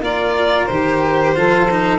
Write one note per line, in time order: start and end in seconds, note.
0.00 0.67 A#3
0.00 0.69 F4
0.00 1.36 A#4
0.00 0.66 D5
0.66 1.37 D#3
0.66 1.35 G4
0.66 1.99 C5
1.35 1.99 F3
1.35 1.68 F4
1.35 1.99 A4
1.71 1.99 D#4